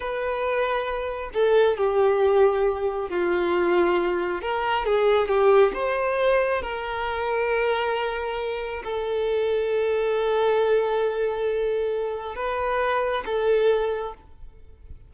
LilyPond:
\new Staff \with { instrumentName = "violin" } { \time 4/4 \tempo 4 = 136 b'2. a'4 | g'2. f'4~ | f'2 ais'4 gis'4 | g'4 c''2 ais'4~ |
ais'1 | a'1~ | a'1 | b'2 a'2 | }